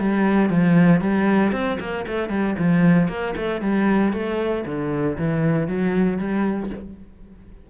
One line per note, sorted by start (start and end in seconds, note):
0.00 0.50 G3
0.50 1.01 F3
1.01 1.52 G3
1.52 1.78 C4
1.80 2.06 A#3
2.08 2.30 A3
2.30 2.56 G3
2.59 3.09 F3
3.09 3.35 A#3
3.37 3.62 A3
3.62 4.13 G3
4.13 4.65 A3
4.66 5.17 D3
5.18 5.68 E3
5.68 6.19 F#3
6.19 6.71 G3